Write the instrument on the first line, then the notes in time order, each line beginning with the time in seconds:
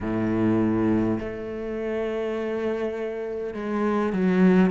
cello
0.01 A2
1.19 A3
3.53 G#3
4.12 F#3